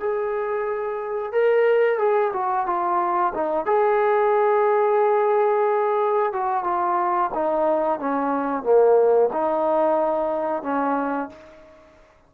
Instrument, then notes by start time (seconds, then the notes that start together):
trombone
0.00 G#4
1.32 A#4
1.99 G#4
2.33 F#4
2.67 F4
3.35 D#4
3.66 G#4
6.33 F#4
6.64 F4
7.35 D#4
8.00 C#4
8.63 A#3
9.33 D#4
10.63 C#4